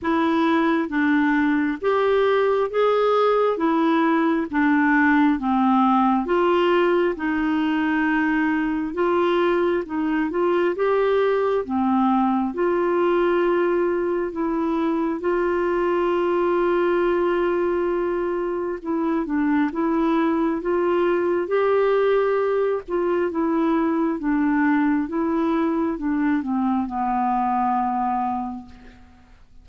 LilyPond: \new Staff \with { instrumentName = "clarinet" } { \time 4/4 \tempo 4 = 67 e'4 d'4 g'4 gis'4 | e'4 d'4 c'4 f'4 | dis'2 f'4 dis'8 f'8 | g'4 c'4 f'2 |
e'4 f'2.~ | f'4 e'8 d'8 e'4 f'4 | g'4. f'8 e'4 d'4 | e'4 d'8 c'8 b2 | }